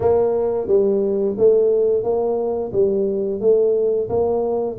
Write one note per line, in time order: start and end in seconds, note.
0.00 0.67 A#3
0.67 1.35 G3
1.37 2.03 A3
2.03 2.71 A#3
2.72 3.40 G3
3.40 4.08 A3
4.09 4.77 A#3